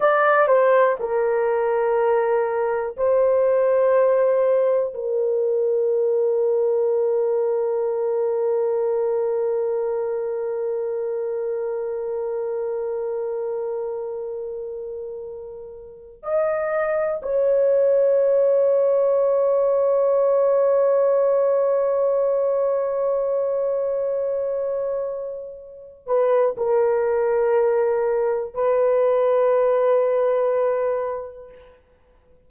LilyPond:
\new Staff \with { instrumentName = "horn" } { \time 4/4 \tempo 4 = 61 d''8 c''8 ais'2 c''4~ | c''4 ais'2.~ | ais'1~ | ais'1~ |
ais'8 dis''4 cis''2~ cis''8~ | cis''1~ | cis''2~ cis''8 b'8 ais'4~ | ais'4 b'2. | }